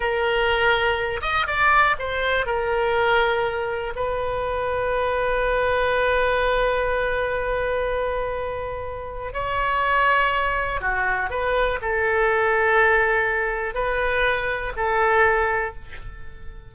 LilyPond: \new Staff \with { instrumentName = "oboe" } { \time 4/4 \tempo 4 = 122 ais'2~ ais'8 dis''8 d''4 | c''4 ais'2. | b'1~ | b'1~ |
b'2. cis''4~ | cis''2 fis'4 b'4 | a'1 | b'2 a'2 | }